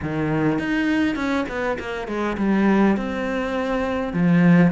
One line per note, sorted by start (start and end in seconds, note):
0.02 0.58 D#3
0.58 1.15 D#4
1.15 1.45 C#4
1.48 1.78 B3
1.79 2.07 A#3
2.07 2.37 G#3
2.37 2.96 G3
2.96 4.13 C4
4.13 4.71 F3